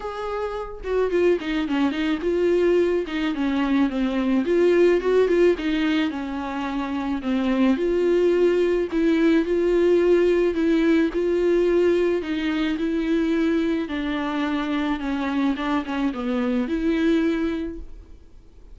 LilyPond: \new Staff \with { instrumentName = "viola" } { \time 4/4 \tempo 4 = 108 gis'4. fis'8 f'8 dis'8 cis'8 dis'8 | f'4. dis'8 cis'4 c'4 | f'4 fis'8 f'8 dis'4 cis'4~ | cis'4 c'4 f'2 |
e'4 f'2 e'4 | f'2 dis'4 e'4~ | e'4 d'2 cis'4 | d'8 cis'8 b4 e'2 | }